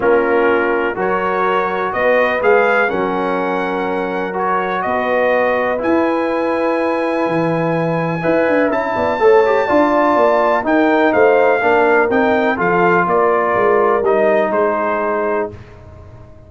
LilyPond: <<
  \new Staff \with { instrumentName = "trumpet" } { \time 4/4 \tempo 4 = 124 ais'2 cis''2 | dis''4 f''4 fis''2~ | fis''4 cis''4 dis''2 | gis''1~ |
gis''2 a''2~ | a''2 g''4 f''4~ | f''4 g''4 f''4 d''4~ | d''4 dis''4 c''2 | }
  \new Staff \with { instrumentName = "horn" } { \time 4/4 f'2 ais'2 | b'2 ais'2~ | ais'2 b'2~ | b'1~ |
b'4 e''4. d''8 cis''4 | d''2 ais'4 c''4 | ais'2 a'4 ais'4~ | ais'2 gis'2 | }
  \new Staff \with { instrumentName = "trombone" } { \time 4/4 cis'2 fis'2~ | fis'4 gis'4 cis'2~ | cis'4 fis'2. | e'1~ |
e'4 b'4 e'4 a'8 g'8 | f'2 dis'2 | d'4 dis'4 f'2~ | f'4 dis'2. | }
  \new Staff \with { instrumentName = "tuba" } { \time 4/4 ais2 fis2 | b4 gis4 fis2~ | fis2 b2 | e'2. e4~ |
e4 e'8 d'8 cis'8 b8 a4 | d'4 ais4 dis'4 a4 | ais4 c'4 f4 ais4 | gis4 g4 gis2 | }
>>